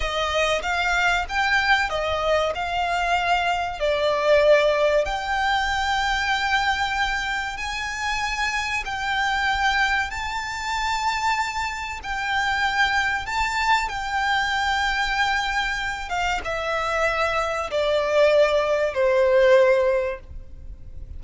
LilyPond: \new Staff \with { instrumentName = "violin" } { \time 4/4 \tempo 4 = 95 dis''4 f''4 g''4 dis''4 | f''2 d''2 | g''1 | gis''2 g''2 |
a''2. g''4~ | g''4 a''4 g''2~ | g''4. f''8 e''2 | d''2 c''2 | }